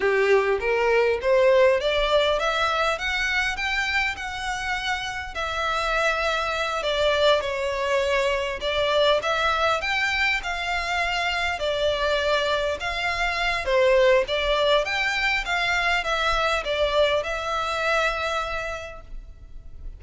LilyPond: \new Staff \with { instrumentName = "violin" } { \time 4/4 \tempo 4 = 101 g'4 ais'4 c''4 d''4 | e''4 fis''4 g''4 fis''4~ | fis''4 e''2~ e''8 d''8~ | d''8 cis''2 d''4 e''8~ |
e''8 g''4 f''2 d''8~ | d''4. f''4. c''4 | d''4 g''4 f''4 e''4 | d''4 e''2. | }